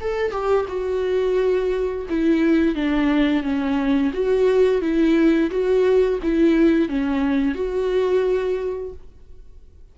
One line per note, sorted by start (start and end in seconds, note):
0.00 0.31 A4
0.31 0.66 G4
0.68 2.06 F#4
2.09 2.75 E4
2.75 3.43 D4
3.43 4.12 C#4
4.13 4.81 F#4
4.81 5.50 E4
5.50 6.19 F#4
6.22 6.88 E4
6.88 7.55 C#4
7.55 8.92 F#4